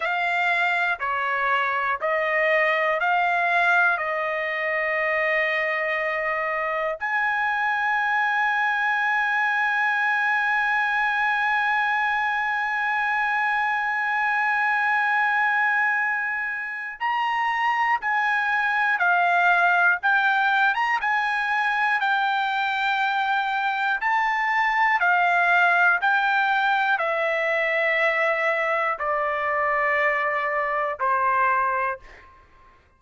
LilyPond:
\new Staff \with { instrumentName = "trumpet" } { \time 4/4 \tempo 4 = 60 f''4 cis''4 dis''4 f''4 | dis''2. gis''4~ | gis''1~ | gis''1~ |
gis''4 ais''4 gis''4 f''4 | g''8. ais''16 gis''4 g''2 | a''4 f''4 g''4 e''4~ | e''4 d''2 c''4 | }